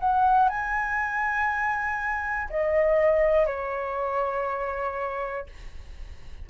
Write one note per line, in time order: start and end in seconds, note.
0.00 0.49 F#5
0.49 2.49 G#5
2.50 3.47 D#5
3.47 5.47 C#5